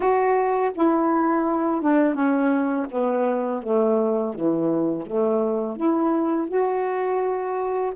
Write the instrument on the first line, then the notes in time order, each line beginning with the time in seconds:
saxophone
0.00 F#4
0.74 E4
1.81 D4
2.14 C#4
2.90 B3
3.62 A3
4.34 E3
5.06 A3
5.76 E4
6.48 F#4